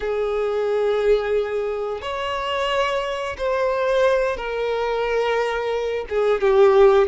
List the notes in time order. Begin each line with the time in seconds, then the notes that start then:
0.00 G#4
2.01 C#5
3.37 C5
4.36 A#4
6.09 G#4
6.40 G4